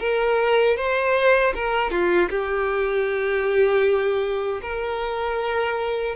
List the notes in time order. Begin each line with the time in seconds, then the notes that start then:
0.00 A#4
0.77 C5
1.55 A#4
1.91 F4
2.30 G4
4.62 A#4